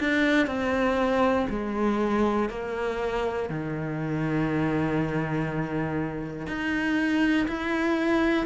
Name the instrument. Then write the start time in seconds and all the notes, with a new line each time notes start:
cello
0.00 D4
0.46 C4
1.49 G#3
2.49 A#3
3.50 D#3
6.47 D#4
7.48 E4